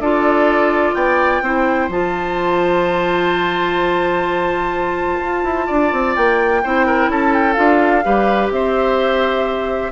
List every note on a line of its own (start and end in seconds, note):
0.00 0.94 D4
0.00 1.44 F4
0.00 0.96 A4
0.00 0.95 D5
0.95 1.42 B3
0.95 1.43 D5
0.95 1.89 G5
1.42 1.89 C4
1.42 1.91 E4
1.42 5.67 C5
1.89 5.20 F3
1.89 6.63 F4
1.89 6.16 A5
5.20 5.43 F4
5.44 5.68 E4
5.67 5.92 D4
5.67 6.61 D5
5.92 6.16 C4
6.16 6.64 A#3
6.16 7.11 G5
6.64 7.08 C4
6.64 7.56 E4
6.64 6.87 C5
6.87 7.10 A#4
7.08 7.56 C#4
7.08 8.05 A4
7.08 7.34 A5
7.34 7.54 G5
7.54 8.06 D4
7.54 8.03 F4
7.54 8.48 F5
8.04 8.51 G3
8.04 9.93 G4
8.04 8.53 B4
8.51 9.93 C4
8.51 9.93 C5
8.51 9.93 E5